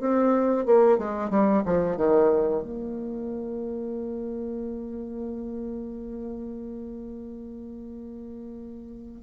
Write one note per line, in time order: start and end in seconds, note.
0.00 0.66 C4
0.66 0.98 A#3
0.98 1.30 G#3
1.30 1.63 G3
1.65 1.97 F3
1.97 2.63 D#3
2.63 9.22 A#3